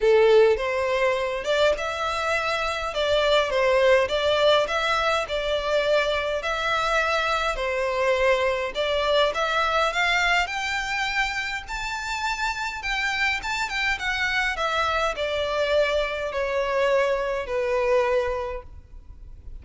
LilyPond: \new Staff \with { instrumentName = "violin" } { \time 4/4 \tempo 4 = 103 a'4 c''4. d''8 e''4~ | e''4 d''4 c''4 d''4 | e''4 d''2 e''4~ | e''4 c''2 d''4 |
e''4 f''4 g''2 | a''2 g''4 a''8 g''8 | fis''4 e''4 d''2 | cis''2 b'2 | }